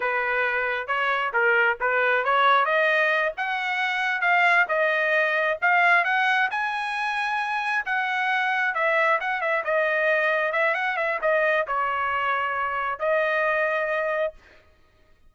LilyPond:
\new Staff \with { instrumentName = "trumpet" } { \time 4/4 \tempo 4 = 134 b'2 cis''4 ais'4 | b'4 cis''4 dis''4. fis''8~ | fis''4. f''4 dis''4.~ | dis''8 f''4 fis''4 gis''4.~ |
gis''4. fis''2 e''8~ | e''8 fis''8 e''8 dis''2 e''8 | fis''8 e''8 dis''4 cis''2~ | cis''4 dis''2. | }